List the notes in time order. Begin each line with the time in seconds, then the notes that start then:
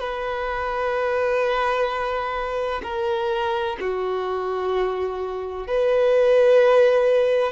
0.00 B4
2.83 A#4
3.81 F#4
5.67 B4